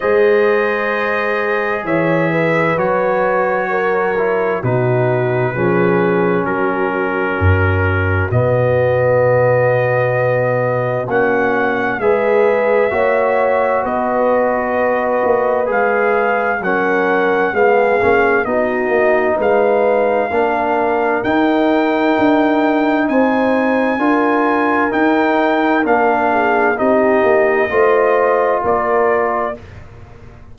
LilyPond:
<<
  \new Staff \with { instrumentName = "trumpet" } { \time 4/4 \tempo 4 = 65 dis''2 e''4 cis''4~ | cis''4 b'2 ais'4~ | ais'4 dis''2. | fis''4 e''2 dis''4~ |
dis''4 f''4 fis''4 f''4 | dis''4 f''2 g''4~ | g''4 gis''2 g''4 | f''4 dis''2 d''4 | }
  \new Staff \with { instrumentName = "horn" } { \time 4/4 c''2 cis''8 b'4. | ais'4 fis'4 gis'4 fis'4~ | fis'1~ | fis'4 b'4 cis''4 b'4~ |
b'2 ais'4 gis'4 | fis'4 b'4 ais'2~ | ais'4 c''4 ais'2~ | ais'8 gis'8 g'4 c''4 ais'4 | }
  \new Staff \with { instrumentName = "trombone" } { \time 4/4 gis'2. fis'4~ | fis'8 e'8 dis'4 cis'2~ | cis'4 b2. | cis'4 gis'4 fis'2~ |
fis'4 gis'4 cis'4 b8 cis'8 | dis'2 d'4 dis'4~ | dis'2 f'4 dis'4 | d'4 dis'4 f'2 | }
  \new Staff \with { instrumentName = "tuba" } { \time 4/4 gis2 e4 fis4~ | fis4 b,4 f4 fis4 | fis,4 b,2. | ais4 gis4 ais4 b4~ |
b8 ais8 gis4 fis4 gis8 ais8 | b8 ais8 gis4 ais4 dis'4 | d'4 c'4 d'4 dis'4 | ais4 c'8 ais8 a4 ais4 | }
>>